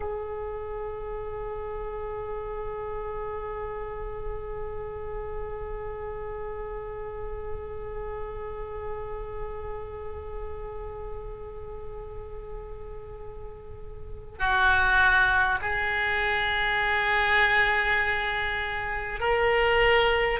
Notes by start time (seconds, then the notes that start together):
0.00 G#4
14.38 F#4
15.61 G#4
19.20 A#4